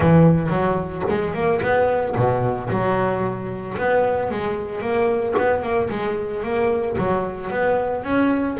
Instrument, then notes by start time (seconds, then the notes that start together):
double bass
0.00 E3
0.49 F#3
1.08 G#3
1.34 A#3
1.61 B3
2.16 B2
2.70 F#3
3.77 B3
4.30 G#3
4.81 A#3
5.37 B3
5.62 A#3
5.89 G#3
6.43 A#3
6.97 F#3
7.50 B3
8.03 C#4